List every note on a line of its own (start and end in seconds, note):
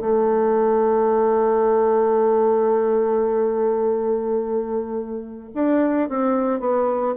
0.00 5.50 A3
5.54 6.09 D4
6.09 6.60 C4
6.60 7.15 B3